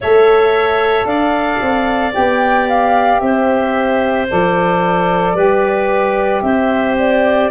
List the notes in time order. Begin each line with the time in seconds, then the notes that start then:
0.00 A3 A4 C#5 E5
1.04 D4 D5 F5
1.61 C4
2.11 B3 G4 G5
2.68 F5
3.19 C4 C5 E5
4.29 F3 A4 D5
5.33 G3 G4 B4
6.41 C4 C5 E5
6.98 D5